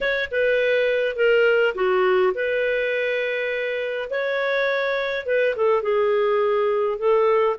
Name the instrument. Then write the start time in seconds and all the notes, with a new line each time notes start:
clarinet
0.01 C#5
0.31 B4
1.16 A#4
1.74 F#4
2.34 B4
4.10 C#5
5.26 B4
5.56 A4
5.82 G#4
6.98 A4